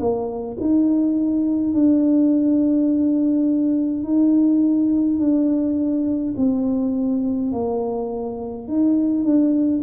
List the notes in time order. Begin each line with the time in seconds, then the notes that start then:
0.00 A#3
0.61 D#4
1.74 D4
4.04 D#4
5.19 D4
6.37 C4
7.52 A#3
8.67 D#4
9.24 D4